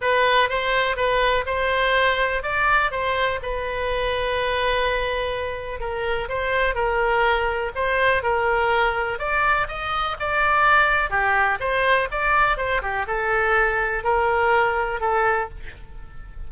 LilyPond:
\new Staff \with { instrumentName = "oboe" } { \time 4/4 \tempo 4 = 124 b'4 c''4 b'4 c''4~ | c''4 d''4 c''4 b'4~ | b'1 | ais'4 c''4 ais'2 |
c''4 ais'2 d''4 | dis''4 d''2 g'4 | c''4 d''4 c''8 g'8 a'4~ | a'4 ais'2 a'4 | }